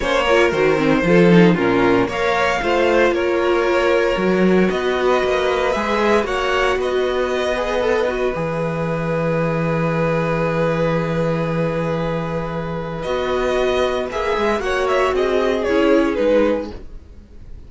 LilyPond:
<<
  \new Staff \with { instrumentName = "violin" } { \time 4/4 \tempo 4 = 115 cis''4 c''2 ais'4 | f''2 cis''2~ | cis''4 dis''2 e''4 | fis''4 dis''2. |
e''1~ | e''1~ | e''4 dis''2 e''4 | fis''8 e''8 dis''4 cis''4 b'4 | }
  \new Staff \with { instrumentName = "violin" } { \time 4/4 c''8 ais'4. a'4 f'4 | cis''4 c''4 ais'2~ | ais'4 b'2. | cis''4 b'2.~ |
b'1~ | b'1~ | b'1 | cis''4 gis'2. | }
  \new Staff \with { instrumentName = "viola" } { \time 4/4 cis'8 f'8 fis'8 c'8 f'8 dis'8 cis'4 | ais'4 f'2. | fis'2. gis'4 | fis'2~ fis'8 gis'8 a'8 fis'8 |
gis'1~ | gis'1~ | gis'4 fis'2 gis'4 | fis'2 e'4 dis'4 | }
  \new Staff \with { instrumentName = "cello" } { \time 4/4 ais4 dis4 f4 ais,4 | ais4 a4 ais2 | fis4 b4 ais4 gis4 | ais4 b2. |
e1~ | e1~ | e4 b2 ais8 gis8 | ais4 c'4 cis'4 gis4 | }
>>